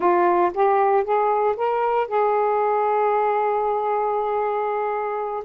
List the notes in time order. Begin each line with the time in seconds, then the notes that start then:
0.00 F4
0.54 G4
1.03 G#4
1.56 A#4
2.07 G#4